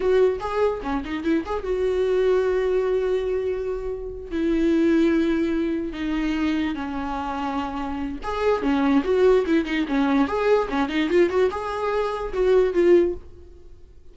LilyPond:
\new Staff \with { instrumentName = "viola" } { \time 4/4 \tempo 4 = 146 fis'4 gis'4 cis'8 dis'8 e'8 gis'8 | fis'1~ | fis'2~ fis'8 e'4.~ | e'2~ e'8 dis'4.~ |
dis'8 cis'2.~ cis'8 | gis'4 cis'4 fis'4 e'8 dis'8 | cis'4 gis'4 cis'8 dis'8 f'8 fis'8 | gis'2 fis'4 f'4 | }